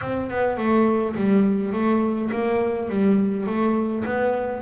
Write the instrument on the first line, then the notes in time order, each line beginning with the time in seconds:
double bass
0.01 C4
0.29 B3
0.57 A3
1.15 G3
1.73 A3
2.31 A#3
2.89 G3
3.46 A3
4.04 B3